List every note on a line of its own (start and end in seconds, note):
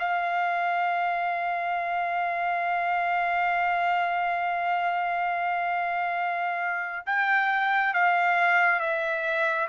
0.00 7.06 F5
7.06 7.94 G5
7.94 8.80 F5
8.80 9.68 E5